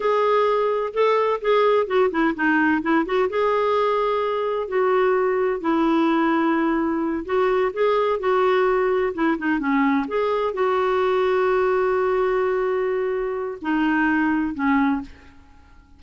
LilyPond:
\new Staff \with { instrumentName = "clarinet" } { \time 4/4 \tempo 4 = 128 gis'2 a'4 gis'4 | fis'8 e'8 dis'4 e'8 fis'8 gis'4~ | gis'2 fis'2 | e'2.~ e'8 fis'8~ |
fis'8 gis'4 fis'2 e'8 | dis'8 cis'4 gis'4 fis'4.~ | fis'1~ | fis'4 dis'2 cis'4 | }